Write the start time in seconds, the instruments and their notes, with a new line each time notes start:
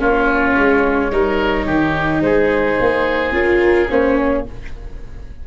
0.00 tuba A#3, viola C#4, oboe F4, flute C#5
0.57 tuba G#3
1.12 tuba G3, viola D#4, oboe A#4
1.66 tuba D#3, oboe G4
2.21 tuba G#3, oboe G#4, flute C5
2.81 tuba A#3
3.32 tuba C#4, viola F4, flute A#4
3.90 tuba A#3, viola C#4, flute C5
4.18 flute C#5